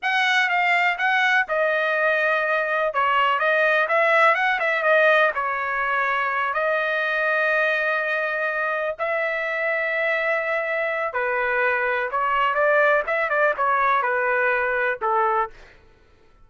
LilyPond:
\new Staff \with { instrumentName = "trumpet" } { \time 4/4 \tempo 4 = 124 fis''4 f''4 fis''4 dis''4~ | dis''2 cis''4 dis''4 | e''4 fis''8 e''8 dis''4 cis''4~ | cis''4. dis''2~ dis''8~ |
dis''2~ dis''8 e''4.~ | e''2. b'4~ | b'4 cis''4 d''4 e''8 d''8 | cis''4 b'2 a'4 | }